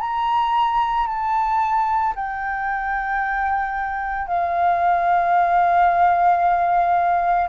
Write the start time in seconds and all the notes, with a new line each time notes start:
0.00 A#5
1.07 A5
2.15 G5
4.27 F5